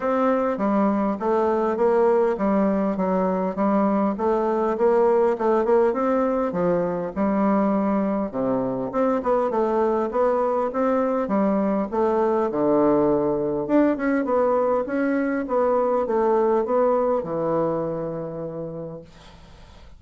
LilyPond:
\new Staff \with { instrumentName = "bassoon" } { \time 4/4 \tempo 4 = 101 c'4 g4 a4 ais4 | g4 fis4 g4 a4 | ais4 a8 ais8 c'4 f4 | g2 c4 c'8 b8 |
a4 b4 c'4 g4 | a4 d2 d'8 cis'8 | b4 cis'4 b4 a4 | b4 e2. | }